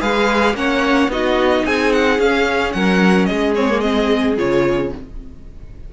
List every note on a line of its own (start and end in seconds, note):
0.00 0.55 G#3
0.00 0.55 G#4
0.00 0.55 B4
0.00 0.56 F5
0.55 1.08 A#3
0.55 1.10 C#4
0.55 1.12 C#5
0.55 1.11 F#5
1.08 1.63 B3
1.08 2.20 D#4
1.08 1.67 F#4
1.08 1.66 D#5
1.66 2.19 C4
1.66 2.76 G#4
1.66 1.93 G#5
1.93 2.20 F#5
2.19 2.74 C#4
2.19 3.56 C#4
2.19 2.73 F5
2.73 3.30 F#3
2.73 3.29 A#4
2.73 3.26 F#5
3.26 4.38 G#3
3.26 4.93 G#4
3.26 3.53 D#5
3.55 3.70 C4
3.55 3.81 C#5
3.70 3.82 A#3
3.81 4.37 C4
3.81 4.35 D#5
4.37 4.93 C#3
4.37 4.92 F4
4.37 4.94 C#5